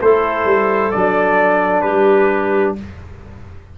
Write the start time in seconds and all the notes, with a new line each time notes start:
0.00 A3 E4 A4 C5
0.45 G3
0.91 F#3 D4 D5
1.81 G3 G4 B4